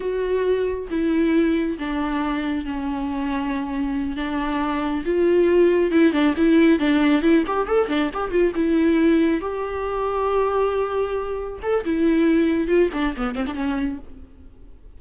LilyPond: \new Staff \with { instrumentName = "viola" } { \time 4/4 \tempo 4 = 137 fis'2 e'2 | d'2 cis'2~ | cis'4. d'2 f'8~ | f'4. e'8 d'8 e'4 d'8~ |
d'8 e'8 g'8 a'8 d'8 g'8 f'8 e'8~ | e'4. g'2~ g'8~ | g'2~ g'8 a'8 e'4~ | e'4 f'8 d'8 b8 c'16 d'16 cis'4 | }